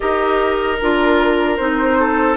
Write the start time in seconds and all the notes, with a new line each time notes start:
0.00 D#4 G4 A#4 D#5
0.79 D4 F4 A#4
1.56 C4 D#4 C5
1.99 A4